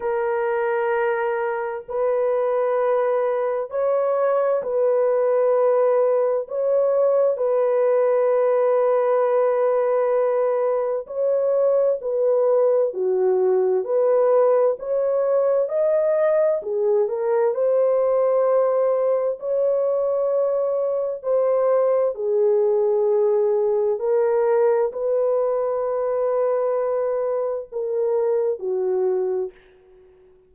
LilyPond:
\new Staff \with { instrumentName = "horn" } { \time 4/4 \tempo 4 = 65 ais'2 b'2 | cis''4 b'2 cis''4 | b'1 | cis''4 b'4 fis'4 b'4 |
cis''4 dis''4 gis'8 ais'8 c''4~ | c''4 cis''2 c''4 | gis'2 ais'4 b'4~ | b'2 ais'4 fis'4 | }